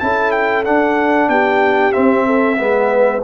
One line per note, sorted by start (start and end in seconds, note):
0.00 0.66 C#4
0.00 0.65 E4
0.00 1.30 A4
0.00 0.32 A5
0.32 0.64 G5
0.65 1.92 D4
0.65 1.29 D4
0.65 1.29 F#5
1.29 1.93 B3
1.29 2.26 G4
1.29 1.93 G5
1.92 2.57 C4
1.92 2.60 C4
1.92 3.22 E5
2.26 2.58 A4
2.57 3.24 G#3
2.57 3.22 B3
2.57 3.24 B4